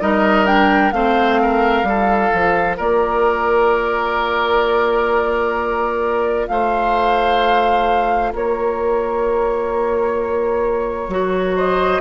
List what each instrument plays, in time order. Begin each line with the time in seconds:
0.00 bassoon G3, clarinet D#4, oboe A#4, flute D#5
0.46 clarinet D4, flute G5
0.92 bassoon A3, clarinet C4, oboe C5, flute F5
1.42 oboe A#4
1.83 bassoon G3, clarinet F4, oboe A4
2.33 bassoon F3
2.77 bassoon A#3, oboe A#4, flute D5
6.47 bassoon A3, oboe C5, flute F5
8.32 bassoon A#3, oboe A#4, flute C#5
11.08 bassoon F#3, clarinet F#4
11.55 oboe C5, flute D#5